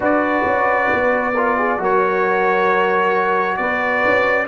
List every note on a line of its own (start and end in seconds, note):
0.00 0.43 D4
0.00 1.33 F#4
0.00 1.33 B4
0.00 1.83 D5
0.45 0.89 C#4
0.93 1.79 B3
1.33 1.78 F4
1.33 1.55 A#4
1.57 1.80 G#4
1.78 3.58 F#3
1.78 4.47 F#4
1.78 3.59 A#4
1.78 3.57 C#5
3.57 4.03 B3
3.57 4.47 B4
3.57 4.46 D5
4.05 4.47 C#4